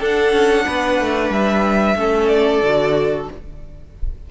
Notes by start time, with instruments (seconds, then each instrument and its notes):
0.00 cello D4, viola D4, violin A4 F#5
0.33 cello C#4
0.66 cello B3, violin B4
1.00 cello A3
1.29 cello G3, violin E5
1.96 cello A3, viola C#4, violin A4
2.28 violin D5
2.62 cello D3, viola F#4